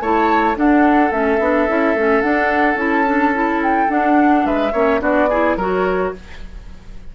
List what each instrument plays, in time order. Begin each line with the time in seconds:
0.00 bassoon A3, clarinet E4, oboe C#5, flute A5
0.55 clarinet D4, bassoon D4, oboe A4, flute F#5
1.11 bassoon A3, clarinet C#4, flute E5
1.39 bassoon B3, clarinet D4
1.68 bassoon C#4, clarinet E4
1.94 bassoon A3, clarinet C#4
2.21 clarinet D4, bassoon D4, flute F#5
2.75 bassoon C#4, clarinet E4, flute A5
3.06 clarinet D4
3.33 clarinet E4
3.63 flute G5
3.88 clarinet D4, bassoon D4, flute F#5
4.45 bassoon G#3, oboe B4, flute E5
4.72 bassoon A#3, clarinet C#4, oboe C#5
5.00 bassoon B3, clarinet D4, oboe F#4, flute D5
5.29 clarinet E4, oboe G#4
5.56 bassoon F#3, clarinet F#4, oboe A#4, flute C#5